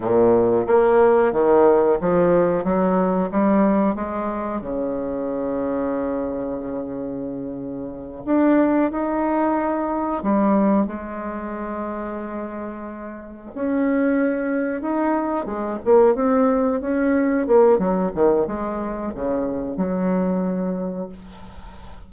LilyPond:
\new Staff \with { instrumentName = "bassoon" } { \time 4/4 \tempo 4 = 91 ais,4 ais4 dis4 f4 | fis4 g4 gis4 cis4~ | cis1~ | cis8 d'4 dis'2 g8~ |
g8 gis2.~ gis8~ | gis8 cis'2 dis'4 gis8 | ais8 c'4 cis'4 ais8 fis8 dis8 | gis4 cis4 fis2 | }